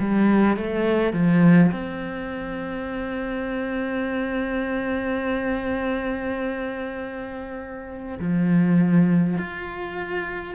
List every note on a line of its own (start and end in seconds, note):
0.00 0.57 G3
0.57 1.13 A3
1.13 1.72 F3
1.72 8.19 C4
8.20 9.37 F3
9.39 10.56 F4